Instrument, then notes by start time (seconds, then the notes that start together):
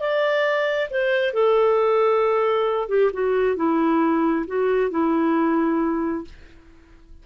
clarinet
0.00 D5
0.90 C5
1.34 A4
2.89 G4
3.13 F#4
3.56 E4
4.47 F#4
4.91 E4